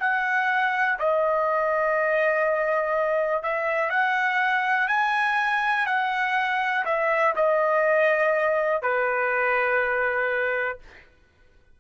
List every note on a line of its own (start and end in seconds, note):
0.00 0.98 F#5
0.99 3.43 D#5
3.43 3.90 E5
3.90 4.88 F#5
4.88 5.87 G#5
5.87 6.85 F#5
6.85 7.35 E5
7.36 8.83 D#5
8.83 10.79 B4